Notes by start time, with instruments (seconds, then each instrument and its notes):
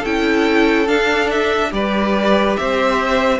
0.00 cello C#4, violin A4 G5
0.06 viola E4
0.87 viola D4, cello D4, violin F5
1.30 violin E5
1.72 cello G3, viola G4, violin B4 D5
2.57 cello C4, violin C5 E5